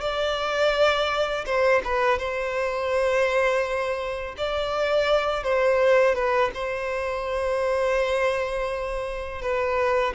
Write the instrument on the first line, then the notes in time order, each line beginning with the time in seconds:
violin
0.00 D5
1.46 C5
1.84 B4
2.18 C5
4.37 D5
5.43 C5
6.14 B4
6.54 C5
9.41 B4